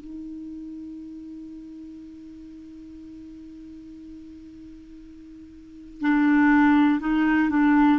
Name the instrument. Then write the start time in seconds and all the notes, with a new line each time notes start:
clarinet
0.00 D#4
6.00 D4
7.00 D#4
7.49 D4